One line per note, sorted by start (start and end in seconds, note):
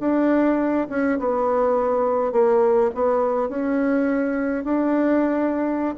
0.00 0.87 D4
0.90 1.19 C#4
1.19 2.32 B3
2.32 2.90 A#3
2.95 3.49 B3
3.49 4.64 C#4
4.64 5.95 D4